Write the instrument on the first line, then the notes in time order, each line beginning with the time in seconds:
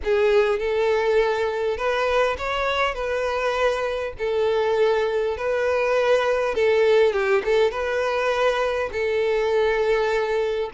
violin
0.04 G#4
0.59 A4
1.77 B4
2.38 C#5
2.94 B4
4.18 A4
5.37 B4
6.54 A4
7.12 G4
7.44 A4
7.70 B4
8.92 A4